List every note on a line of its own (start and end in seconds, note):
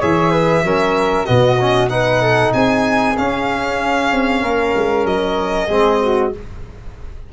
0.00 0.64 E3
0.00 0.64 G#4
0.00 0.32 C#5
0.00 1.26 E5
0.32 0.63 B4
0.64 1.27 F#3
0.64 1.27 C#4
0.64 1.26 A#4
1.26 2.54 B2
1.26 1.58 B3
1.26 1.89 F#4
1.26 1.89 D#5
1.61 1.90 C#4
1.90 3.16 D#4
1.90 2.22 B4
1.90 2.53 F#5
2.22 2.53 A4
2.53 3.17 C4
2.53 4.43 G#4
2.53 3.17 G#5
3.17 5.69 C#4
3.17 4.13 C#4
3.17 5.06 F5
4.13 4.42 C4
4.42 4.74 A#3
4.42 5.67 A#4
4.76 5.05 G#3
5.05 5.68 F#3
5.05 6.33 D#5
5.67 6.33 G#3
5.67 6.32 C4
5.67 5.98 G#4
6.02 6.33 F#4